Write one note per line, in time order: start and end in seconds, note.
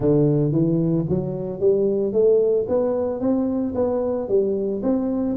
0.00 0.52 D3
0.52 1.05 E3
1.09 1.59 F#3
1.59 2.12 G3
2.12 2.66 A3
2.68 3.20 B3
3.20 3.74 C4
3.75 4.28 B3
4.28 4.81 G3
4.82 5.36 C4